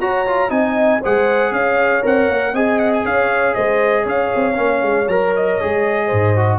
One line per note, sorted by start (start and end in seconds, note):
0.00 0.50 F#4
0.00 0.26 F#4
0.00 0.51 C#5
0.00 0.51 A#5
0.26 0.49 F4
0.49 1.01 C4
0.49 1.00 D#4
0.49 1.01 D#5
0.49 1.01 G#5
1.01 1.51 G#3
1.01 2.02 G#4
1.01 1.52 C5
1.01 1.53 F#5
1.51 2.02 C#4
1.51 2.53 C#5
1.51 2.04 F5
2.02 2.29 C4
2.02 2.53 A#4
2.02 2.55 F#5
2.29 2.53 A#3
2.53 3.04 C4
2.53 4.54 G#4
2.53 3.04 D#5
2.53 2.79 G#5
2.79 2.92 F#5
2.93 3.06 G#5
3.04 3.55 C#4
3.04 3.55 C#5
3.04 3.54 F5
3.54 4.05 G#3
3.54 4.03 C5
3.54 4.05 D#5
4.03 4.31 C#4
4.03 6.06 C#5
4.03 5.08 F5
4.35 4.57 C4
4.54 4.82 A#3
4.54 5.05 C#4
4.82 5.08 G#3
5.08 5.59 F#3
5.08 5.60 A#4
5.08 5.33 A#5
5.36 6.59 D#5
5.60 6.12 G#3
5.60 6.36 G#4
6.06 6.59 G#2
6.06 6.57 C5
6.36 6.59 F#4